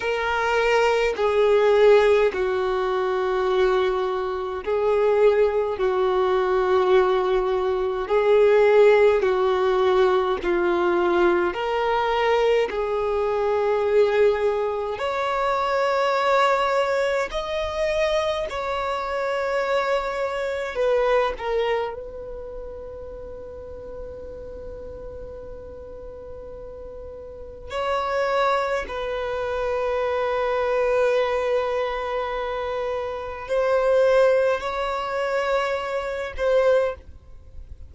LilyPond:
\new Staff \with { instrumentName = "violin" } { \time 4/4 \tempo 4 = 52 ais'4 gis'4 fis'2 | gis'4 fis'2 gis'4 | fis'4 f'4 ais'4 gis'4~ | gis'4 cis''2 dis''4 |
cis''2 b'8 ais'8 b'4~ | b'1 | cis''4 b'2.~ | b'4 c''4 cis''4. c''8 | }